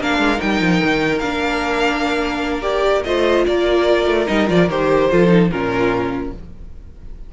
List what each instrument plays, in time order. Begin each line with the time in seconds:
0.00 cello A#3, viola D4, violin A#4 F5
0.18 cello G#3
0.37 cello G3, viola D#4, violin G5
0.61 cello F3
0.84 cello D#3
1.19 cello A#3, viola D4, violin F5
2.62 viola G4, violin D5
3.04 cello A3, viola F4, violin C5 D#5
3.46 cello A#3, violin A#4 D5
4.06 cello A3
4.27 cello G3, viola D#4, violin D#5
4.47 cello F3, viola F4, violin D5
4.68 cello D#3, viola G4, violin C5
5.11 cello F3, viola F4, violin A4
5.28 viola D#4
5.51 cello A#2, viola C#4, violin F4 A#4